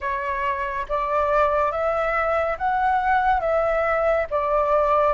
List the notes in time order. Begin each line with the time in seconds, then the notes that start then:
0.00 C#5
0.88 D5
1.71 E5
2.58 F#5
3.40 E5
4.30 D5